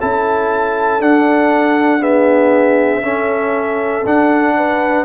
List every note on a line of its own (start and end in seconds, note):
0.00 1.00 C#4
0.00 1.00 E4
0.00 2.00 A4
0.00 1.02 A5
1.00 2.00 D4
1.00 3.03 D4
1.00 2.03 F#5
2.00 3.02 B3
2.00 3.02 G#4
2.00 4.06 E5
3.02 4.04 C#4
3.02 4.05 C#4
3.02 4.56 A4
4.05 5.05 D4
4.05 5.05 F#5
4.57 5.05 B4